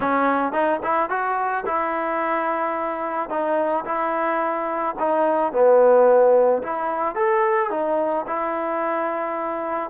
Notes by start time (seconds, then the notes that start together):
0.00 C#4
0.52 D#4
0.83 E4
1.09 F#4
1.65 E4
3.29 D#4
3.85 E4
4.99 D#4
5.52 B3
6.62 E4
7.15 A4
7.70 D#4
8.26 E4